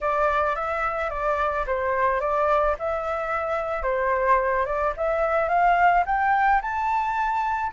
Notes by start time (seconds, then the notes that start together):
0.00 D5
0.55 E5
1.10 D5
1.66 C5
2.20 D5
2.78 E5
3.83 C5
4.65 D5
4.96 E5
5.48 F5
6.06 G5
6.61 A5